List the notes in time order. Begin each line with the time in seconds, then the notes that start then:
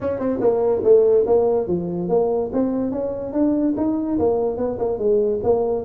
0.00 C#4
0.19 C4
0.40 A#3
0.83 A3
1.26 A#3
1.67 F3
2.09 A#3
2.52 C4
2.91 C#4
3.32 D4
3.76 D#4
4.18 A#3
4.57 B3
4.78 A#3
4.98 G#3
5.43 A#3